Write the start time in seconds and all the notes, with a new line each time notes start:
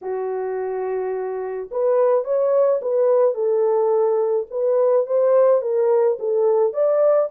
0.01 F#4
1.71 B4
2.24 C#5
2.81 B4
3.34 A4
4.50 B4
5.06 C5
5.61 A#4
6.19 A4
6.73 D5